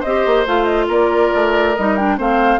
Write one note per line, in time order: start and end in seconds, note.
0.00 0.26 C4
0.00 0.47 G4
0.00 0.86 C5
0.00 0.45 D#5
0.26 0.46 A#3
0.46 0.88 A3
0.46 1.75 F4
0.46 0.65 F5
0.65 0.86 D#5
0.88 1.31 A#3
0.88 2.16 A#4
0.88 1.76 D5
1.34 1.77 A3
1.76 2.19 G3
1.76 1.99 D#4
1.76 1.96 D#5
1.96 2.18 D4
1.96 2.18 G5
2.18 2.60 A3
2.18 2.60 C4
2.18 2.60 C5
2.18 2.60 F5